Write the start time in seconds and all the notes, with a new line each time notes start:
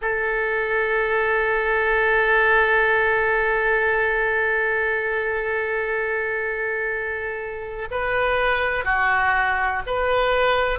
0.01 A4
7.90 B4
8.84 F#4
9.86 B4